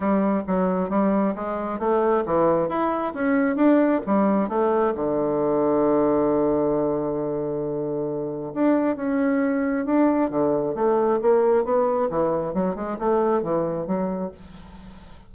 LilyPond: \new Staff \with { instrumentName = "bassoon" } { \time 4/4 \tempo 4 = 134 g4 fis4 g4 gis4 | a4 e4 e'4 cis'4 | d'4 g4 a4 d4~ | d1~ |
d2. d'4 | cis'2 d'4 d4 | a4 ais4 b4 e4 | fis8 gis8 a4 e4 fis4 | }